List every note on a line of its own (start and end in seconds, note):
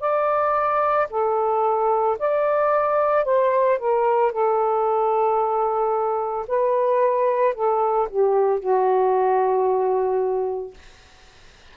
0.00 1.07 D5
1.10 2.17 A4
2.19 3.25 D5
3.25 3.78 C5
3.78 4.32 A#4
4.32 6.46 A4
6.47 7.54 B4
7.54 8.08 A4
8.09 8.60 G4
8.60 10.74 F#4